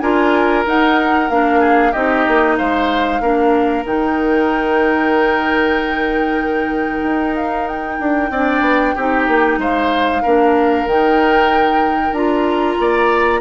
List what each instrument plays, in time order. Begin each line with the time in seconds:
0.00 bassoon D4, clarinet F4, oboe A#4, flute G#5
0.66 clarinet D#4, bassoon D#4, flute F#5
1.30 bassoon A#3, clarinet D4, flute F5
1.60 oboe G#4
1.92 bassoon C4, clarinet D#4, oboe G4, flute D#5
2.28 bassoon A#3
2.58 bassoon G#3, oboe C5, flute F5
3.21 bassoon A#3, clarinet D4, oboe A#4
3.85 bassoon D#3, clarinet D#4, flute G5
7.03 bassoon D#4
7.36 flute F5
7.68 flute G5
8.00 bassoon D4
8.31 bassoon C4, clarinet D4, oboe D5
8.61 bassoon B3
8.96 bassoon C4, clarinet D#4, oboe G4
9.28 bassoon A#3
9.58 bassoon G#3, oboe C5, flute F5
10.23 bassoon A#3, clarinet D4, oboe A#4
10.86 bassoon D#3, clarinet D#4, flute G5
12.12 bassoon D4, clarinet F4, flute A#5
12.80 bassoon A#3, oboe D5